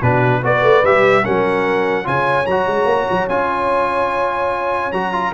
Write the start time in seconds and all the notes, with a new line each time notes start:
0.00 B2 D4 F#4 B4
0.43 B3 F#4 B4 D5
0.63 A3
0.84 G3 G4 E5
1.24 F#3 C#4 A#4 F#5
2.05 C#3 F4 C#5 G#5
2.47 F#3 F#4 A#5
2.67 G#3
2.86 A#3
3.11 F#3
3.29 C#4 F4 G#5
4.93 F#3 F#4 A#5
5.13 F4